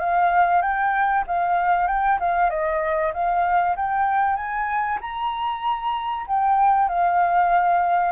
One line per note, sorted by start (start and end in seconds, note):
0.00 0.62 F5
0.62 1.24 G5
1.27 1.88 F5
1.88 2.19 G5
2.20 2.50 F5
2.50 3.12 D#5
3.13 3.76 F5
3.76 4.36 G5
4.36 4.99 G#5
5.01 6.26 A#5
6.27 6.89 G5
6.89 8.12 F5